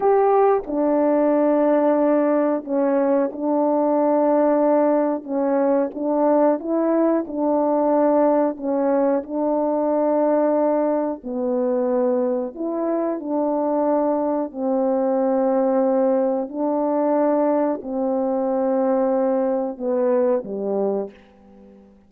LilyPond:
\new Staff \with { instrumentName = "horn" } { \time 4/4 \tempo 4 = 91 g'4 d'2. | cis'4 d'2. | cis'4 d'4 e'4 d'4~ | d'4 cis'4 d'2~ |
d'4 b2 e'4 | d'2 c'2~ | c'4 d'2 c'4~ | c'2 b4 g4 | }